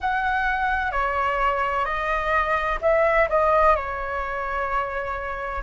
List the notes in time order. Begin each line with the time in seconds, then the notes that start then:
0.00 F#5
0.91 C#5
1.85 D#5
2.81 E5
3.29 D#5
3.75 C#5